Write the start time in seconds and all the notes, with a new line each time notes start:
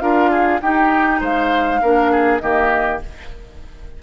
0.00 D4 F4 A#4 F5
0.31 G#4
0.61 D#4 G4 G5
1.21 G#3 C5 F5
1.82 A#3 D4 A#4
2.12 G#4
2.39 D#3 A#3 G4 D#5